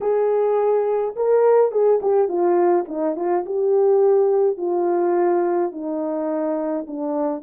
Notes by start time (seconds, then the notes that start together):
0.00 G#4
1.16 A#4
1.71 G#4
2.02 G4
2.28 F4
2.88 D#4
3.16 F4
3.45 G4
4.57 F4
5.71 D#4
6.87 D4